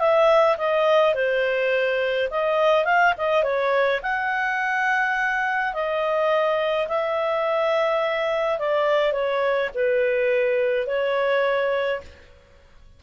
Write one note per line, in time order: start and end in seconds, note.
0.00 0.57 E5
0.58 1.15 D#5
1.15 2.29 C5
2.31 2.85 D#5
2.85 3.14 F5
3.18 3.44 D#5
3.44 4.01 C#5
4.03 5.74 F#5
5.74 6.88 D#5
6.88 8.59 E5
8.59 9.13 D5
9.13 9.70 C#5
9.75 10.87 B4
10.87 12.01 C#5